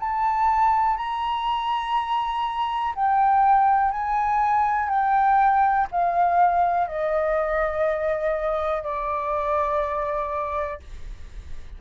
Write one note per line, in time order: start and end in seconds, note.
0.00 0.97 A5
0.97 2.94 A#5
2.95 3.92 G5
3.92 4.89 G#5
4.89 5.87 G5
5.92 6.88 F5
6.88 8.83 D#5
8.83 10.80 D5